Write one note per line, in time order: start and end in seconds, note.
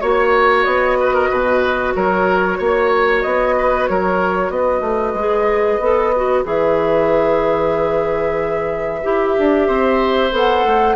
0.00 0.65 A#3
0.00 5.17 F#4
0.00 0.64 C#5
0.00 0.98 C#5
0.64 1.30 B3
0.64 1.93 D#5
0.99 1.13 B4
1.13 1.29 A#4
1.29 1.95 B2
1.29 1.93 B4
1.95 2.59 F#3
1.95 2.57 A#4
1.95 3.21 C#5
2.57 3.24 A#3
2.57 3.54 C#5
3.21 3.89 B3
3.21 3.86 D#5
3.58 3.90 B4
3.87 4.49 F#3
3.87 4.52 A#4
3.87 4.50 C#5
4.49 4.80 B3
4.49 9.67 B4
4.49 6.44 D#5
4.80 5.13 A3
5.13 5.78 G#3
5.13 5.81 G#4
5.79 6.44 B3
5.79 6.13 A4
6.16 6.44 F#4
6.44 9.02 E3
6.44 9.02 G#4
6.44 10.35 E5
9.02 9.37 E4
9.02 10.31 G4
9.38 9.68 D4
9.67 10.31 C4
9.67 10.95 C5
10.31 10.64 B3
10.31 10.95 A4
10.31 10.95 F#5
10.64 10.95 A3